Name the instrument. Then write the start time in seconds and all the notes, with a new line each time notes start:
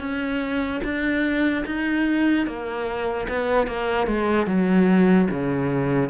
cello
0.00 C#4
0.84 D4
1.66 D#4
2.47 A#3
3.29 B3
3.67 A#3
4.07 G#3
4.47 F#3
5.31 C#3